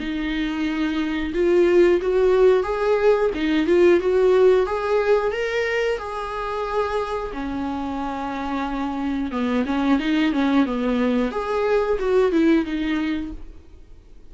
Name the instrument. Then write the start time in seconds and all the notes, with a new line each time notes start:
viola
0.00 D#4
1.34 F4
2.02 F#4
2.64 G#4
3.35 D#4
3.67 F4
4.01 F#4
4.67 G#4
5.32 A#4
5.98 G#4
7.33 C#4
9.32 B3
9.66 C#4
10.00 D#4
10.33 C#4
10.66 B3
11.32 G#4
11.99 F#4
12.32 E4
12.65 D#4